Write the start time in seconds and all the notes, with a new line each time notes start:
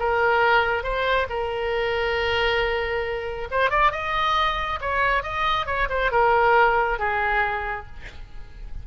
0.00 A#4
0.84 C5
1.30 A#4
3.51 C5
3.71 D5
3.92 D#5
4.81 C#5
5.23 D#5
5.67 C#5
5.90 C5
6.12 A#4
7.00 G#4